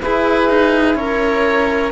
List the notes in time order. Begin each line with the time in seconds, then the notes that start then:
0.00 E4 G#4 B4
0.50 D#4
0.96 C#4 A#4 C#5